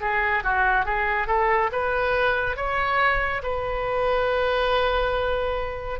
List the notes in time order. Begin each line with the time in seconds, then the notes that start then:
0.00 G#4
0.43 F#4
0.85 G#4
1.27 A4
1.72 B4
2.56 C#5
3.42 B4